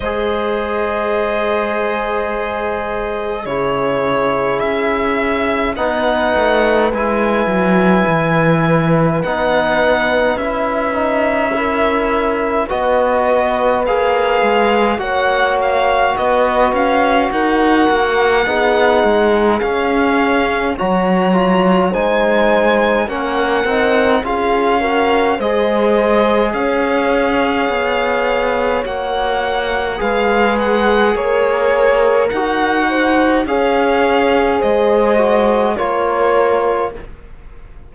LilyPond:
<<
  \new Staff \with { instrumentName = "violin" } { \time 4/4 \tempo 4 = 52 dis''2. cis''4 | e''4 fis''4 gis''2 | fis''4 e''2 dis''4 | f''4 fis''8 f''8 dis''8 f''8 fis''4~ |
fis''4 f''4 ais''4 gis''4 | fis''4 f''4 dis''4 f''4~ | f''4 fis''4 f''8 fis''8 cis''4 | fis''4 f''4 dis''4 cis''4 | }
  \new Staff \with { instrumentName = "horn" } { \time 4/4 c''2. gis'4~ | gis'4 b'2.~ | b'2 ais'4 b'4~ | b'4 cis''4 b'4 ais'4 |
gis'2 cis''4 c''4 | ais'4 gis'8 ais'8 c''4 cis''4~ | cis''2 b'4 ais'4~ | ais'8 c''8 cis''4 c''4 ais'4 | }
  \new Staff \with { instrumentName = "trombone" } { \time 4/4 gis'2. e'4~ | e'4 dis'4 e'2 | dis'4 e'8 dis'8 e'4 fis'4 | gis'4 fis'2. |
dis'4 cis'4 fis'8 f'8 dis'4 | cis'8 dis'8 f'8 fis'8 gis'2~ | gis'4 fis'4 gis'2 | fis'4 gis'4. fis'8 f'4 | }
  \new Staff \with { instrumentName = "cello" } { \time 4/4 gis2. cis4 | cis'4 b8 a8 gis8 fis8 e4 | b4 cis'2 b4 | ais8 gis8 ais4 b8 cis'8 dis'8 ais8 |
b8 gis8 cis'4 fis4 gis4 | ais8 c'8 cis'4 gis4 cis'4 | b4 ais4 gis4 ais4 | dis'4 cis'4 gis4 ais4 | }
>>